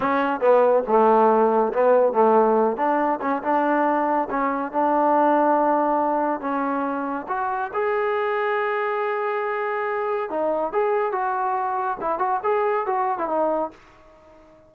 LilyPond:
\new Staff \with { instrumentName = "trombone" } { \time 4/4 \tempo 4 = 140 cis'4 b4 a2 | b4 a4. d'4 cis'8 | d'2 cis'4 d'4~ | d'2. cis'4~ |
cis'4 fis'4 gis'2~ | gis'1 | dis'4 gis'4 fis'2 | e'8 fis'8 gis'4 fis'8. e'16 dis'4 | }